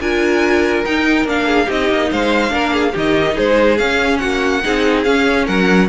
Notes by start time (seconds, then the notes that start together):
0.00 D4 F4 A#4 G#5
0.84 D#4 G5
1.24 A#3 D4 F5
1.46 G#4
1.66 C4 D#4 G4 D#5
1.90 A#3
2.10 G#3 C5 F5
2.49 A#3 D4 A#4
2.74 G#4
2.92 D#3 D#4 G4 D#5
3.35 G#3 G#4 C5
3.78 C#4 F5
4.18 A#3 F#4 F#5
4.63 C4 D#4 G#4
5.04 C#4 F5
5.46 F#3 A#4 F#5